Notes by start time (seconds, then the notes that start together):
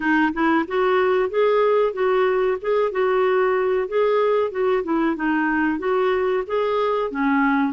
0.00 D#4
0.33 E4
0.67 F#4
1.29 G#4
1.93 F#4
2.61 G#4
2.91 F#4
3.88 G#4
4.51 F#4
4.83 E4
5.16 D#4
5.79 F#4
6.46 G#4
7.10 C#4